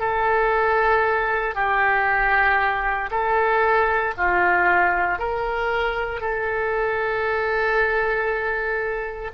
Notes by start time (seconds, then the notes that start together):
0.00 A4
1.55 G4
3.11 A4
4.18 F4
5.19 A#4
6.21 A4